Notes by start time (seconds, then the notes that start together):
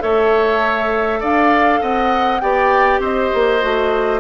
0.00 A3 A4 C#5 E5
1.20 D4 D5 F5
1.82 C4 D#5 F#5
2.40 B3 G4 D5 G5
3.00 C4 C5 D#5
3.34 A#3
3.61 A3 F#4